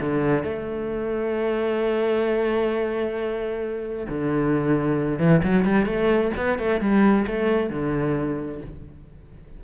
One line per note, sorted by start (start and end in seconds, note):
0.00 0.43 D3
0.43 4.07 A3
4.08 5.19 D3
5.19 5.42 E3
5.43 5.64 F#3
5.64 5.86 G3
5.86 6.31 A3
6.37 6.58 B3
6.58 6.80 A3
6.80 7.26 G3
7.27 7.70 A3
7.70 8.61 D3